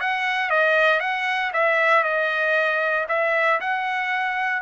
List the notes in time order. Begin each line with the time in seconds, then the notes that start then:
0.00 F#5
0.50 D#5
1.00 F#5
1.53 E5
2.03 D#5
3.08 E5
3.60 F#5